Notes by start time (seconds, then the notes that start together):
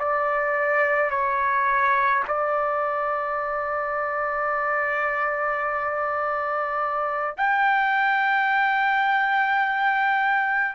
0.00 D5
1.11 C#5
2.28 D5
7.38 G5